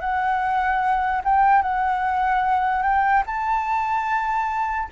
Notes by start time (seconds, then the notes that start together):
0.00 F#5
1.24 G5
1.62 F#5
2.83 G5
3.27 A5